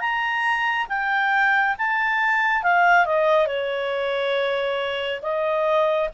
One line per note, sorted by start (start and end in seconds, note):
0.00 0.87 A#5
0.89 1.76 G5
1.78 2.63 A5
2.63 3.06 F5
3.06 3.47 D#5
3.47 5.21 C#5
5.22 6.09 D#5